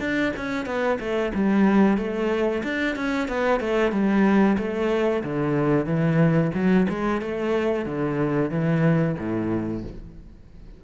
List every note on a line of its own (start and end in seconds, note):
0.00 0.33 D4
0.37 0.66 C#4
0.66 0.99 B3
1.00 1.33 A3
1.35 1.98 G3
1.98 2.63 A3
2.64 2.96 D4
2.96 3.28 C#4
3.28 3.60 B3
3.60 3.92 A3
3.92 4.57 G3
4.58 5.24 A3
5.24 5.86 D3
5.86 6.51 E3
6.55 6.87 F#3
6.90 7.22 G#3
7.22 7.86 A3
7.86 8.51 D3
8.51 9.16 E3
9.18 9.84 A2